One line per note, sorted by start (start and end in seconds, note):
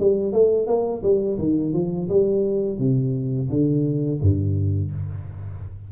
0.00 0.33 G3
0.33 0.67 A3
0.67 1.02 A#3
1.03 1.38 G3
1.39 1.74 D#3
1.74 2.09 F3
2.09 2.79 G3
2.79 3.49 C3
3.50 4.21 D3
4.21 4.92 G2